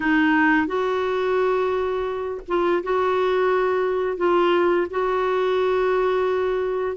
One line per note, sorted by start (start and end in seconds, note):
0.00 0.67 D#4
0.67 2.41 F#4
2.48 2.83 F4
2.83 4.17 F#4
4.17 4.87 F4
4.90 6.96 F#4